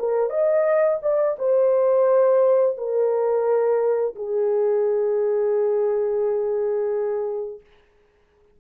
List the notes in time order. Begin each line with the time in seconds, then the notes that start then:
0.00 A#4
0.30 D#5
1.03 D5
1.39 C5
2.77 A#4
4.16 G#4